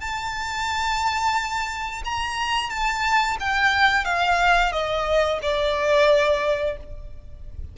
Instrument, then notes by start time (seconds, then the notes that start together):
violin
0.00 A5
2.04 A#5
2.69 A5
3.40 G5
4.04 F5
4.72 D#5
5.42 D5